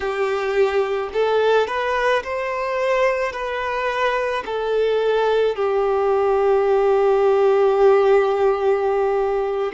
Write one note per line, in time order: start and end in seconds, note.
0.00 1.09 G4
1.13 1.67 A4
1.67 2.22 B4
2.23 3.32 C5
3.32 4.43 B4
4.45 5.55 A4
5.55 9.72 G4